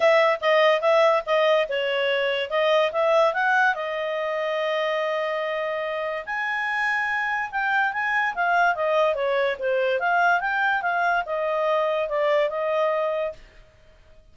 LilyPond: \new Staff \with { instrumentName = "clarinet" } { \time 4/4 \tempo 4 = 144 e''4 dis''4 e''4 dis''4 | cis''2 dis''4 e''4 | fis''4 dis''2.~ | dis''2. gis''4~ |
gis''2 g''4 gis''4 | f''4 dis''4 cis''4 c''4 | f''4 g''4 f''4 dis''4~ | dis''4 d''4 dis''2 | }